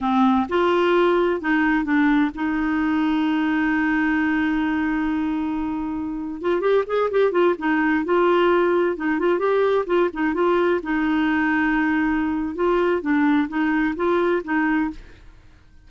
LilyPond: \new Staff \with { instrumentName = "clarinet" } { \time 4/4 \tempo 4 = 129 c'4 f'2 dis'4 | d'4 dis'2.~ | dis'1~ | dis'4.~ dis'16 f'8 g'8 gis'8 g'8 f'16~ |
f'16 dis'4 f'2 dis'8 f'16~ | f'16 g'4 f'8 dis'8 f'4 dis'8.~ | dis'2. f'4 | d'4 dis'4 f'4 dis'4 | }